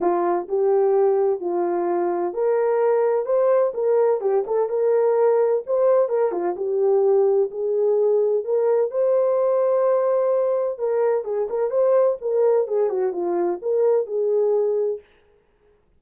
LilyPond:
\new Staff \with { instrumentName = "horn" } { \time 4/4 \tempo 4 = 128 f'4 g'2 f'4~ | f'4 ais'2 c''4 | ais'4 g'8 a'8 ais'2 | c''4 ais'8 f'8 g'2 |
gis'2 ais'4 c''4~ | c''2. ais'4 | gis'8 ais'8 c''4 ais'4 gis'8 fis'8 | f'4 ais'4 gis'2 | }